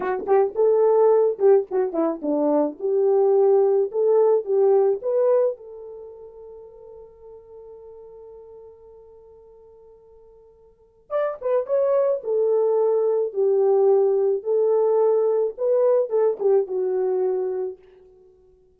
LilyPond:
\new Staff \with { instrumentName = "horn" } { \time 4/4 \tempo 4 = 108 fis'8 g'8 a'4. g'8 fis'8 e'8 | d'4 g'2 a'4 | g'4 b'4 a'2~ | a'1~ |
a'1 | d''8 b'8 cis''4 a'2 | g'2 a'2 | b'4 a'8 g'8 fis'2 | }